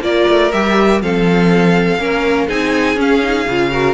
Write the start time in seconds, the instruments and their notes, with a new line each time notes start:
0.00 cello A#3, viola F4, violin A#4 D5
0.29 cello A3
0.51 cello G3, viola G4, violin E5
1.01 cello F3, viola C4, violin A4 F5
1.98 cello A#3, viola C#4, violin A#4
2.47 cello C4, viola D#4, violin G#4 G#5
2.96 viola C#4, cello C#4, violin F5
3.21 viola D#4
3.47 cello C#3, viola F4
3.71 viola F#4, violin A#4